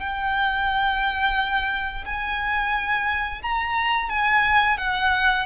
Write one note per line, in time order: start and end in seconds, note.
0.00 2.05 G5
2.05 3.42 G#5
3.42 4.10 A#5
4.10 4.78 G#5
4.78 5.46 F#5